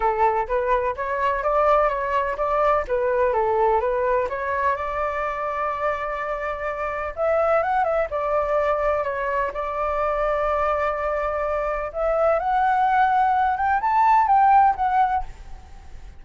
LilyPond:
\new Staff \with { instrumentName = "flute" } { \time 4/4 \tempo 4 = 126 a'4 b'4 cis''4 d''4 | cis''4 d''4 b'4 a'4 | b'4 cis''4 d''2~ | d''2. e''4 |
fis''8 e''8 d''2 cis''4 | d''1~ | d''4 e''4 fis''2~ | fis''8 g''8 a''4 g''4 fis''4 | }